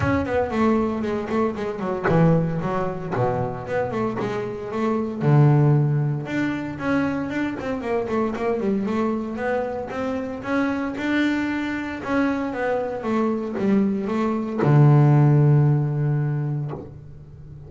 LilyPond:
\new Staff \with { instrumentName = "double bass" } { \time 4/4 \tempo 4 = 115 cis'8 b8 a4 gis8 a8 gis8 fis8 | e4 fis4 b,4 b8 a8 | gis4 a4 d2 | d'4 cis'4 d'8 c'8 ais8 a8 |
ais8 g8 a4 b4 c'4 | cis'4 d'2 cis'4 | b4 a4 g4 a4 | d1 | }